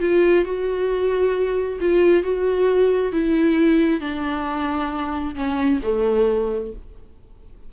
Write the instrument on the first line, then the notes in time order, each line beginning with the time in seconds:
viola
0.00 F4
0.45 F#4
1.81 F4
2.23 F#4
3.12 E4
4.00 D4
5.35 C#4
5.83 A3